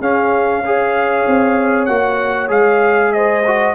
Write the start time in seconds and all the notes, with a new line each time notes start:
0.00 C#4 G#4 F5
0.65 G#4 C#5
1.27 C4
1.86 A#3 F#4 F#5
2.48 G#3 G#4 F5
3.13 C5 D#5
3.47 F#4